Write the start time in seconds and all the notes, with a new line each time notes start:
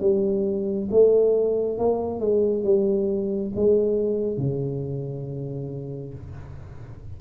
0.00 G3
0.91 A3
1.78 A#3
2.20 G#3
2.64 G3
3.55 G#3
4.38 C#3